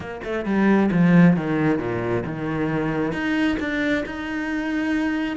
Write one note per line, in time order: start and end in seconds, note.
0.00 0.20 A#3
0.24 0.45 A3
0.45 0.90 G3
0.91 1.36 F3
1.36 1.78 D#3
1.78 2.23 A#2
2.25 3.12 D#3
3.12 3.57 D#4
3.59 4.04 D4
4.05 5.36 D#4